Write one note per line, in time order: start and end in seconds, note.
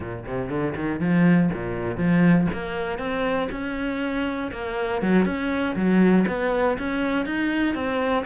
0.00 0.25 A#2
0.26 0.49 C3
0.49 0.74 D3
0.75 1.00 D#3
1.00 1.50 F3
1.53 1.97 A#2
1.97 2.47 F3
2.53 2.98 A#3
2.98 3.48 C4
3.51 4.51 C#4
4.52 5.02 A#3
5.02 5.25 F#3
5.25 5.75 C#4
5.75 6.25 F#3
6.27 6.77 B3
6.78 7.25 C#4
7.25 7.75 D#4
7.75 8.25 C4